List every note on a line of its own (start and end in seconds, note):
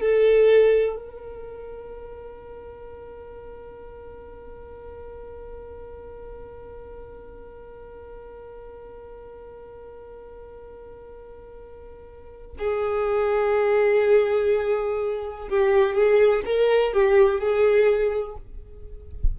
0.00 0.96 A4
0.96 12.57 A#4
12.59 15.49 G#4
15.49 15.95 G4
15.95 16.43 G#4
16.45 16.93 A#4
16.93 17.40 G4
17.40 18.37 G#4